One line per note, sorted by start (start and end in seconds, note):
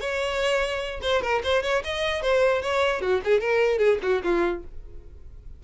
0.00 1.00 C#5
1.01 1.21 C5
1.21 1.41 A#4
1.43 1.63 C5
1.63 1.83 C#5
1.83 2.22 D#5
2.22 2.61 C5
2.61 3.01 C#5
3.01 3.21 F#4
3.24 3.40 G#4
3.40 3.78 A#4
3.78 3.98 G#4
4.02 4.22 F#4
4.23 4.63 F4